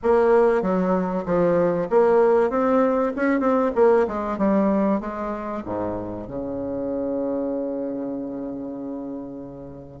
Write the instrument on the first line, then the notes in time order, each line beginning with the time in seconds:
bassoon
0.02 A#3
0.62 F#3
1.25 F3
1.89 A#3
2.50 C4
3.16 C#4
3.39 C4
3.75 A#3
4.07 G#3
4.38 G3
5.00 G#3
5.65 G#2
6.27 C#3